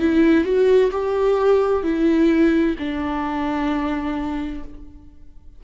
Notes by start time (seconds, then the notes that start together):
0.00 E4
0.44 F#4
0.91 G4
1.83 E4
2.79 D4